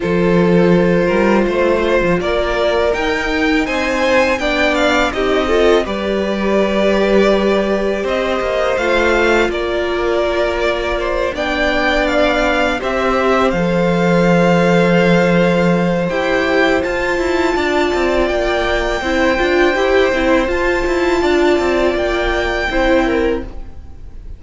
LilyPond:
<<
  \new Staff \with { instrumentName = "violin" } { \time 4/4 \tempo 4 = 82 c''2. d''4 | g''4 gis''4 g''8 f''8 dis''4 | d''2. dis''4 | f''4 d''2~ d''8 g''8~ |
g''8 f''4 e''4 f''4.~ | f''2 g''4 a''4~ | a''4 g''2. | a''2 g''2 | }
  \new Staff \with { instrumentName = "violin" } { \time 4/4 a'4. ais'8 c''4 ais'4~ | ais'4 c''4 d''4 g'8 a'8 | b'2. c''4~ | c''4 ais'2 c''8 d''8~ |
d''4. c''2~ c''8~ | c''1 | d''2 c''2~ | c''4 d''2 c''8 ais'8 | }
  \new Staff \with { instrumentName = "viola" } { \time 4/4 f'1 | dis'2 d'4 dis'8 f'8 | g'1 | f'2.~ f'8 d'8~ |
d'4. g'4 a'4.~ | a'2 g'4 f'4~ | f'2 e'8 f'8 g'8 e'8 | f'2. e'4 | }
  \new Staff \with { instrumentName = "cello" } { \time 4/4 f4. g8 a8. f16 ais4 | dis'4 c'4 b4 c'4 | g2. c'8 ais8 | a4 ais2~ ais8 b8~ |
b4. c'4 f4.~ | f2 e'4 f'8 e'8 | d'8 c'8 ais4 c'8 d'8 e'8 c'8 | f'8 e'8 d'8 c'8 ais4 c'4 | }
>>